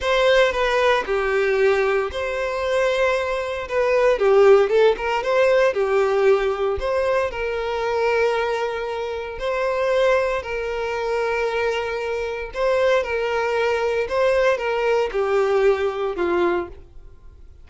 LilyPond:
\new Staff \with { instrumentName = "violin" } { \time 4/4 \tempo 4 = 115 c''4 b'4 g'2 | c''2. b'4 | g'4 a'8 ais'8 c''4 g'4~ | g'4 c''4 ais'2~ |
ais'2 c''2 | ais'1 | c''4 ais'2 c''4 | ais'4 g'2 f'4 | }